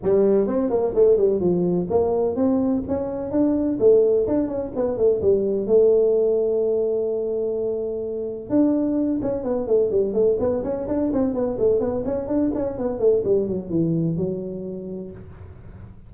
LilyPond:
\new Staff \with { instrumentName = "tuba" } { \time 4/4 \tempo 4 = 127 g4 c'8 ais8 a8 g8 f4 | ais4 c'4 cis'4 d'4 | a4 d'8 cis'8 b8 a8 g4 | a1~ |
a2 d'4. cis'8 | b8 a8 g8 a8 b8 cis'8 d'8 c'8 | b8 a8 b8 cis'8 d'8 cis'8 b8 a8 | g8 fis8 e4 fis2 | }